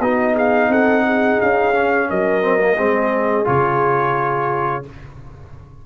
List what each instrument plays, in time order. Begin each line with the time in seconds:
0.00 tuba B3, trombone D#4, horn F#4, trumpet D#5
0.34 horn G#4, trumpet F5
0.68 tuba C4, horn A4, trumpet F#5
1.05 horn G#4
1.40 tuba C#4, trumpet F5
1.74 trombone C#4
2.09 tuba F#3, horn A#4, trumpet D#5
2.41 trombone C4
2.59 trombone A#3
2.77 tuba G#3, trombone C4, horn G#4
3.44 tuba C#3, trombone F4, trumpet C#5